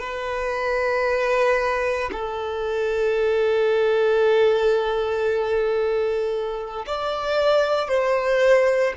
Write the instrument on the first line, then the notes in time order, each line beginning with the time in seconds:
violin
0.00 B4
2.12 A4
6.87 D5
7.89 C5